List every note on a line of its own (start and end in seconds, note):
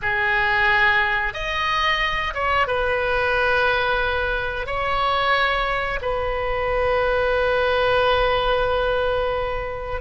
0.02 1.33 G#4
1.33 2.33 D#5
2.33 2.67 C#5
2.67 4.66 B4
4.66 5.99 C#5
6.01 10.01 B4